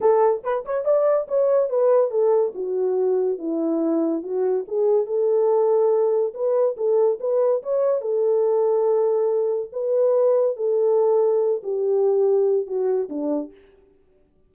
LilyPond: \new Staff \with { instrumentName = "horn" } { \time 4/4 \tempo 4 = 142 a'4 b'8 cis''8 d''4 cis''4 | b'4 a'4 fis'2 | e'2 fis'4 gis'4 | a'2. b'4 |
a'4 b'4 cis''4 a'4~ | a'2. b'4~ | b'4 a'2~ a'8 g'8~ | g'2 fis'4 d'4 | }